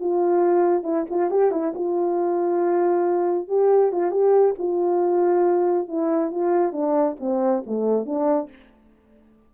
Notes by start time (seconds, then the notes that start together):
0.00 F4
0.83 E4
1.10 F4
1.30 G4
1.51 E4
1.75 F4
3.48 G4
3.92 F4
4.11 G4
4.58 F4
5.88 E4
6.31 F4
6.72 D4
7.20 C4
7.66 A3
8.05 D4